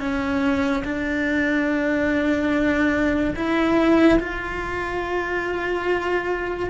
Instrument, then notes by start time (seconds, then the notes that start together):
cello
0.00 C#4
0.84 D4
3.36 E4
4.19 F4